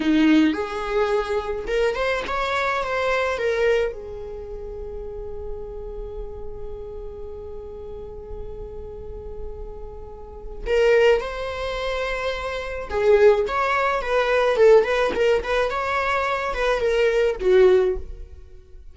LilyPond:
\new Staff \with { instrumentName = "viola" } { \time 4/4 \tempo 4 = 107 dis'4 gis'2 ais'8 c''8 | cis''4 c''4 ais'4 gis'4~ | gis'1~ | gis'1~ |
gis'2. ais'4 | c''2. gis'4 | cis''4 b'4 a'8 b'8 ais'8 b'8 | cis''4. b'8 ais'4 fis'4 | }